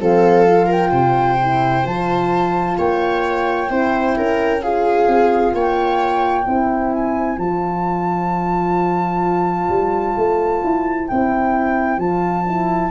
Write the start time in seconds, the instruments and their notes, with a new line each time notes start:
0.00 tuba F3, horn C4, viola A4, flute F5
0.46 horn F4
0.67 viola A#4, flute G5
0.90 tuba C3, viola C5
1.41 horn E4
1.83 tuba F3, horn F4, flute A5
2.77 tuba A#3, viola C#5, flute G5
3.68 tuba C4, horn E4, viola C5
4.17 tuba C#4, viola A#4
4.62 horn F4, viola G#4, flute F5
5.07 tuba C4
5.53 tuba A#3, viola C#5, flute G5
6.44 tuba C4, horn E4, viola C5
6.93 flute G#5
7.37 tuba F3, horn F4, flute A5
9.68 tuba G3
10.17 tuba A3
10.63 tuba E4
11.07 tuba C4, horn E4, flute G5
11.97 tuba F3, horn F4, flute A5
12.47 horn E4